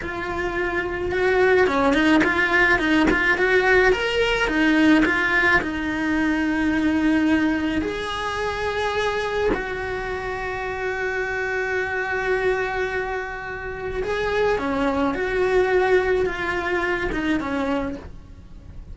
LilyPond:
\new Staff \with { instrumentName = "cello" } { \time 4/4 \tempo 4 = 107 f'2 fis'4 cis'8 dis'8 | f'4 dis'8 f'8 fis'4 ais'4 | dis'4 f'4 dis'2~ | dis'2 gis'2~ |
gis'4 fis'2.~ | fis'1~ | fis'4 gis'4 cis'4 fis'4~ | fis'4 f'4. dis'8 cis'4 | }